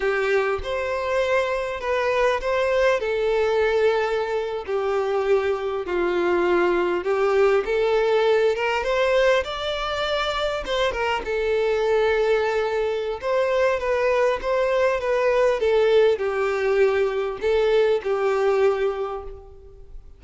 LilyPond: \new Staff \with { instrumentName = "violin" } { \time 4/4 \tempo 4 = 100 g'4 c''2 b'4 | c''4 a'2~ a'8. g'16~ | g'4.~ g'16 f'2 g'16~ | g'8. a'4. ais'8 c''4 d''16~ |
d''4.~ d''16 c''8 ais'8 a'4~ a'16~ | a'2 c''4 b'4 | c''4 b'4 a'4 g'4~ | g'4 a'4 g'2 | }